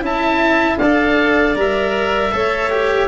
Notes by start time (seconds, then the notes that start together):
0.00 C#4 E4 E5 A5
0.78 D4 A4 D5 F5
1.55 G3 A#4 E5
2.32 A3 A4 C#5
2.70 G4